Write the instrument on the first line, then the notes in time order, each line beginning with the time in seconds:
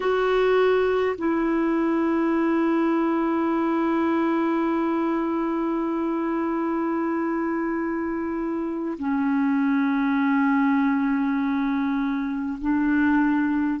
clarinet
0.00 F#4
1.17 E4
8.98 C#4
12.61 D4